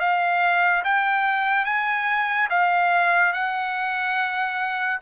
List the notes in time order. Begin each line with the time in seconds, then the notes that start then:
0.00 F5
0.85 G5
1.66 G#5
2.50 F5
3.34 F#5